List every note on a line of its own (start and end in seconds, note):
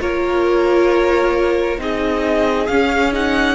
0.00 1.79 A#3
0.00 1.79 F4
0.00 1.81 A#4
0.00 1.80 C#5
1.79 2.69 C4
1.79 2.68 D#4
1.79 3.55 G#4
1.79 2.67 D#5
2.67 3.55 C#4
2.67 3.13 C#4
2.67 3.12 F5
3.13 3.55 D#4
3.13 3.55 F#5